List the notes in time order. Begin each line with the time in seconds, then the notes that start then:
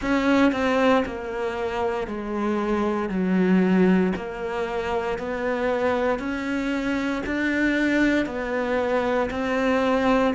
0.01 C#4
0.52 C4
1.05 A#3
2.07 G#3
3.09 F#3
4.16 A#3
5.18 B3
6.19 C#4
7.26 D4
8.26 B3
9.30 C4